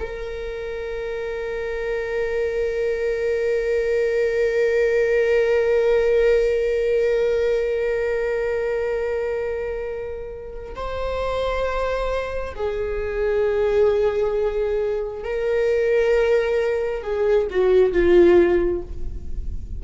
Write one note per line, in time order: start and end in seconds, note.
0.00 10.75 A#4
10.75 12.55 C5
12.55 15.24 G#4
15.24 17.03 A#4
17.03 17.47 G#4
17.50 17.93 F#4
17.93 18.82 F4